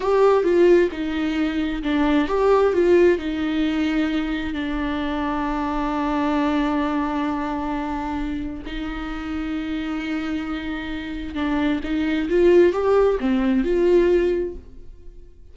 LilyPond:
\new Staff \with { instrumentName = "viola" } { \time 4/4 \tempo 4 = 132 g'4 f'4 dis'2 | d'4 g'4 f'4 dis'4~ | dis'2 d'2~ | d'1~ |
d'2. dis'4~ | dis'1~ | dis'4 d'4 dis'4 f'4 | g'4 c'4 f'2 | }